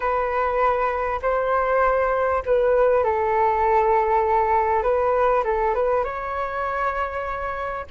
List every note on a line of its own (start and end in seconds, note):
0.00 1.20 B4
1.21 2.43 C5
2.45 3.04 B4
3.04 4.82 A4
4.82 5.43 B4
5.44 5.74 A4
5.74 6.04 B4
6.04 7.86 C#5